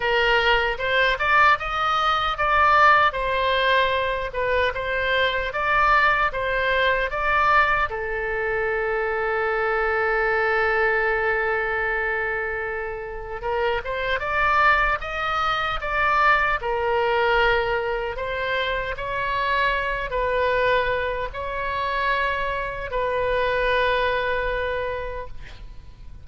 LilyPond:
\new Staff \with { instrumentName = "oboe" } { \time 4/4 \tempo 4 = 76 ais'4 c''8 d''8 dis''4 d''4 | c''4. b'8 c''4 d''4 | c''4 d''4 a'2~ | a'1~ |
a'4 ais'8 c''8 d''4 dis''4 | d''4 ais'2 c''4 | cis''4. b'4. cis''4~ | cis''4 b'2. | }